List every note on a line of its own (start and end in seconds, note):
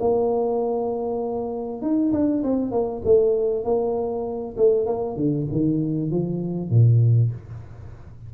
0.00 1.82 A#3
1.82 2.12 D#4
2.13 2.43 D4
2.44 2.71 C4
2.71 3.02 A#3
3.05 3.64 A3
3.64 4.56 A#3
4.57 4.86 A3
4.86 5.16 A#3
5.16 5.47 D3
5.52 6.11 D#3
6.11 6.70 F3
6.70 7.31 A#2